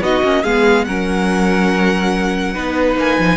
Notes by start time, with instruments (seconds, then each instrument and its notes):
0.00 cello B3, viola D#4, violin F#4 D#5
0.22 cello A#3, viola C#4
0.43 cello G#3, viola B3, violin G#4 F5
0.85 cello F#3, viola C#4, violin A#4 F#5
2.53 cello B3, viola D#4, violin B4
2.96 cello A#3, violin G#5
3.18 cello F3